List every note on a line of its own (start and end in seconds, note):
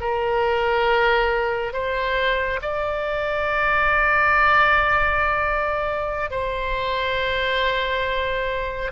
0.00 1.73 A#4
1.73 2.60 C5
2.62 6.30 D5
6.30 8.91 C5